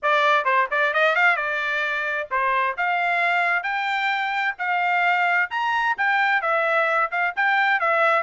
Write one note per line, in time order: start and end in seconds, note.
0.02 0.44 D5
0.44 0.67 C5
0.70 0.93 D5
0.93 1.15 D#5
1.15 1.36 F5
1.36 2.28 D5
2.30 2.76 C5
2.77 3.63 F5
3.63 4.54 G5
4.58 5.50 F5
5.50 5.96 A#5
5.97 6.41 G5
6.41 7.10 E5
7.11 7.34 F5
7.36 7.79 G5
7.79 8.22 E5